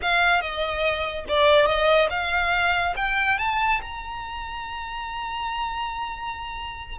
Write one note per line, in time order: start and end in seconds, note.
0.02 0.41 F5
0.41 1.25 D#5
1.28 1.66 D5
1.66 2.08 D#5
2.10 2.94 F5
2.96 3.38 G5
3.38 3.80 A5
3.81 6.98 A#5